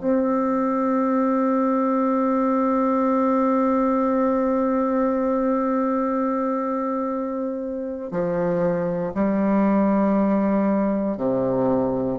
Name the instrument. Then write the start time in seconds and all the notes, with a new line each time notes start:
bassoon
0.00 C4
8.11 F3
9.14 G3
11.17 C3